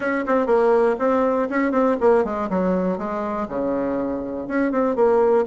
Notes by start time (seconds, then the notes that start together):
0.00 C#4
0.26 C4
0.46 A#3
0.98 C4
1.49 C#4
1.71 C4
2.00 A#3
2.24 G#3
2.49 F#3
2.98 G#3
3.48 C#3
4.47 C#4
4.71 C4
4.95 A#3